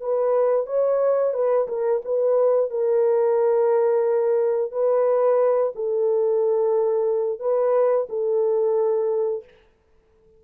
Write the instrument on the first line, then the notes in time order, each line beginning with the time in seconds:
horn
0.00 B4
0.66 C#5
1.34 B4
1.68 A#4
2.05 B4
2.70 A#4
4.71 B4
5.75 A4
7.39 B4
8.09 A4